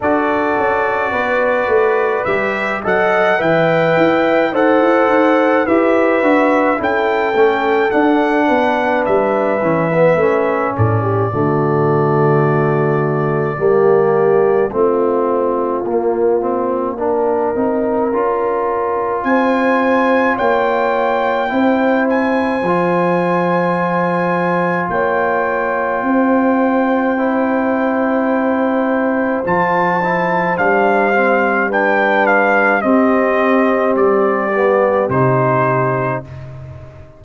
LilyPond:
<<
  \new Staff \with { instrumentName = "trumpet" } { \time 4/4 \tempo 4 = 53 d''2 e''8 fis''8 g''4 | fis''4 e''4 g''4 fis''4 | e''4. d''2~ d''8~ | d''4 f''2.~ |
f''4 gis''4 g''4. gis''8~ | gis''2 g''2~ | g''2 a''4 f''4 | g''8 f''8 dis''4 d''4 c''4 | }
  \new Staff \with { instrumentName = "horn" } { \time 4/4 a'4 b'4. dis''8 e''4 | c''4 b'4 a'4. b'8~ | b'4. a'16 g'16 fis'2 | g'4 f'2 ais'4~ |
ais'4 c''4 cis''4 c''4~ | c''2 cis''4 c''4~ | c''1 | b'4 g'2. | }
  \new Staff \with { instrumentName = "trombone" } { \time 4/4 fis'2 g'8 a'8 b'4 | a'4 g'8 fis'8 e'8 cis'8 d'4~ | d'8 cis'16 b16 cis'4 a2 | ais4 c'4 ais8 c'8 d'8 dis'8 |
f'2. e'4 | f'1 | e'2 f'8 e'8 d'8 c'8 | d'4 c'4. b8 dis'4 | }
  \new Staff \with { instrumentName = "tuba" } { \time 4/4 d'8 cis'8 b8 a8 g8 fis8 e8 e'8 | dis'16 e'16 dis'8 e'8 d'8 cis'8 a8 d'8 b8 | g8 e8 a8 a,8 d2 | g4 a4 ais4. c'8 |
cis'4 c'4 ais4 c'4 | f2 ais4 c'4~ | c'2 f4 g4~ | g4 c'4 g4 c4 | }
>>